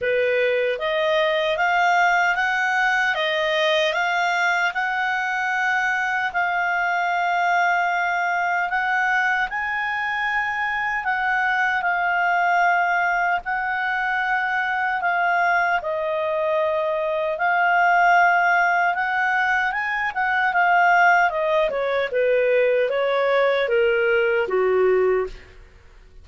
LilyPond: \new Staff \with { instrumentName = "clarinet" } { \time 4/4 \tempo 4 = 76 b'4 dis''4 f''4 fis''4 | dis''4 f''4 fis''2 | f''2. fis''4 | gis''2 fis''4 f''4~ |
f''4 fis''2 f''4 | dis''2 f''2 | fis''4 gis''8 fis''8 f''4 dis''8 cis''8 | b'4 cis''4 ais'4 fis'4 | }